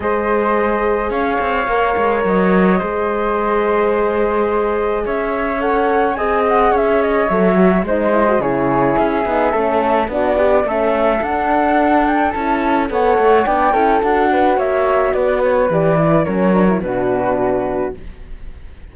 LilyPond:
<<
  \new Staff \with { instrumentName = "flute" } { \time 4/4 \tempo 4 = 107 dis''2 f''2 | dis''1~ | dis''4 e''4 fis''4 gis''8 fis''8 | e''8 dis''8 e''4 dis''4 cis''4 |
e''2 d''4 e''4 | fis''4. g''8 a''4 fis''4 | g''4 fis''4 e''4 d''8 cis''8 | d''4 cis''4 b'2 | }
  \new Staff \with { instrumentName = "flute" } { \time 4/4 c''2 cis''2~ | cis''4 c''2.~ | c''4 cis''2 dis''4 | cis''2 c''4 gis'4~ |
gis'4 a'4 fis'8 d'8 a'4~ | a'2. cis''4 | d''8 a'4 b'8 cis''4 b'4~ | b'4 ais'4 fis'2 | }
  \new Staff \with { instrumentName = "horn" } { \time 4/4 gis'2. ais'4~ | ais'4 gis'2.~ | gis'2 a'4 gis'4~ | gis'4 a'8 fis'8 dis'8 e'16 fis'16 e'4~ |
e'8 dis'8 cis'4 d'8 g'8 cis'4 | d'2 e'4 a'4 | d'8 e'8 fis'2. | g'8 e'8 cis'8 d'16 e'16 d'2 | }
  \new Staff \with { instrumentName = "cello" } { \time 4/4 gis2 cis'8 c'8 ais8 gis8 | fis4 gis2.~ | gis4 cis'2 c'4 | cis'4 fis4 gis4 cis4 |
cis'8 b8 a4 b4 a4 | d'2 cis'4 b8 a8 | b8 cis'8 d'4 ais4 b4 | e4 fis4 b,2 | }
>>